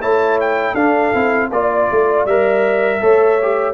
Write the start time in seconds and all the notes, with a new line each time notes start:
0.00 A3 E4 C#5 A5
0.40 G5
0.73 D4 A4 F5
1.14 C4 E4
1.50 A#3 F4 D5
1.90 A3
2.25 G3 A#4 E5
3.01 A3 A4 C#5
3.42 G4